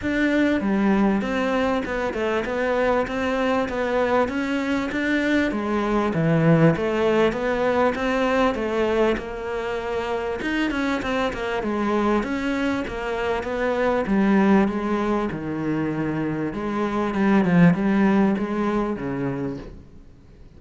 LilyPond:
\new Staff \with { instrumentName = "cello" } { \time 4/4 \tempo 4 = 98 d'4 g4 c'4 b8 a8 | b4 c'4 b4 cis'4 | d'4 gis4 e4 a4 | b4 c'4 a4 ais4~ |
ais4 dis'8 cis'8 c'8 ais8 gis4 | cis'4 ais4 b4 g4 | gis4 dis2 gis4 | g8 f8 g4 gis4 cis4 | }